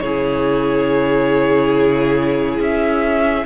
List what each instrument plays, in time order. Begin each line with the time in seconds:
0.00 cello C#3, viola E4, violin G#4 C#5
2.59 cello C#4, violin E5